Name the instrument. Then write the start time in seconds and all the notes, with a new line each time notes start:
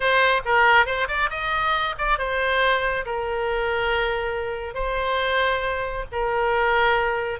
oboe
0.00 C5
0.45 A#4
0.86 C5
1.08 D5
1.29 D#5
1.98 D5
2.18 C5
3.05 A#4
4.74 C5
6.12 A#4